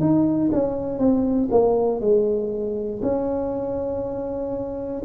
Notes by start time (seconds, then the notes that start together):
0.00 D#4
0.52 C#4
0.99 C4
1.51 A#3
2.01 G#3
3.02 C#4